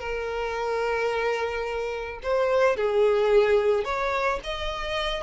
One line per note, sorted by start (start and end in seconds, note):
0.00 2.20 A#4
2.23 2.77 C5
2.77 3.85 G#4
3.85 4.40 C#5
4.44 5.23 D#5